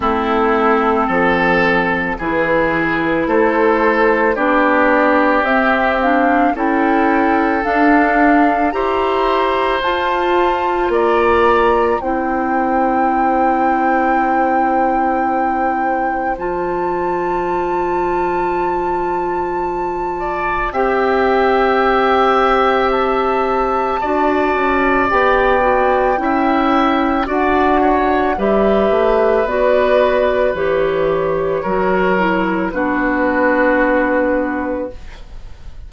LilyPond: <<
  \new Staff \with { instrumentName = "flute" } { \time 4/4 \tempo 4 = 55 a'2 b'4 c''4 | d''4 e''8 f''8 g''4 f''4 | ais''4 a''4 ais''4 g''4~ | g''2. a''4~ |
a''2. g''4~ | g''4 a''2 g''4~ | g''4 fis''4 e''4 d''4 | cis''2 b'2 | }
  \new Staff \with { instrumentName = "oboe" } { \time 4/4 e'4 a'4 gis'4 a'4 | g'2 a'2 | c''2 d''4 c''4~ | c''1~ |
c''2~ c''8 d''8 e''4~ | e''2 d''2 | e''4 d''8 cis''8 b'2~ | b'4 ais'4 fis'2 | }
  \new Staff \with { instrumentName = "clarinet" } { \time 4/4 c'2 e'2 | d'4 c'8 d'8 e'4 d'4 | g'4 f'2 e'4~ | e'2. f'4~ |
f'2. g'4~ | g'2 fis'4 g'8 fis'8 | e'4 fis'4 g'4 fis'4 | g'4 fis'8 e'8 d'2 | }
  \new Staff \with { instrumentName = "bassoon" } { \time 4/4 a4 f4 e4 a4 | b4 c'4 cis'4 d'4 | e'4 f'4 ais4 c'4~ | c'2. f4~ |
f2. c'4~ | c'2 d'8 cis'8 b4 | cis'4 d'4 g8 a8 b4 | e4 fis4 b2 | }
>>